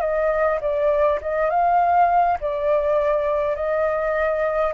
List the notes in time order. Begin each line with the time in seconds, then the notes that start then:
0.00 D#5
0.60 D5
1.21 D#5
1.49 F5
2.40 D5
3.55 D#5